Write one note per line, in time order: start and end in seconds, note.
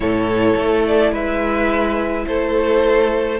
0.00 0.54 A2
0.00 3.39 E4
0.00 1.11 A4
0.00 0.83 C#5
0.55 1.12 A3
0.86 1.14 D5
1.11 2.25 G#3
1.11 2.25 B4
1.11 2.27 E5
2.27 3.39 A3
2.27 3.39 A4
2.27 3.39 C5